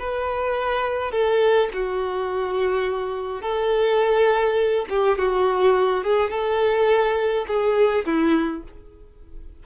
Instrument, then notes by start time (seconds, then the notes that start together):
violin
0.00 B4
1.12 A4
1.74 F#4
3.42 A4
4.90 G4
5.19 F#4
6.04 G#4
6.31 A4
7.48 G#4
8.06 E4